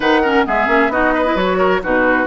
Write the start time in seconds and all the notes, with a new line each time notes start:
0.00 D#3 D#4 B4 F#5
0.22 C#4 A#4
0.45 G#3 B3 G#4 E5
0.66 A#3 C#4
0.88 B3 D#4 F#4 D#5
1.14 B4
1.25 E4
1.35 F#3 F#4 C#5
1.58 A#4
1.83 B2 D#4 F#4 B4